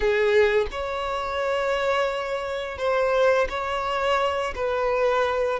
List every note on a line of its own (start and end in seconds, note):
0.00 0.66 G#4
0.71 2.77 C#5
2.77 3.47 C5
3.49 4.53 C#5
4.55 5.59 B4